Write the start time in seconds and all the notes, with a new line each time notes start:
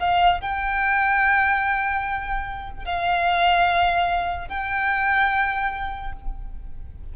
0.00 F5
0.41 G5
2.85 F5
4.49 G5